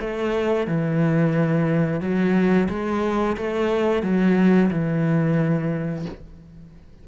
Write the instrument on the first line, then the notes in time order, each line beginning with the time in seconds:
cello
0.00 A3
0.66 E3
2.00 F#3
2.69 G#3
3.36 A3
4.02 F#3
4.70 E3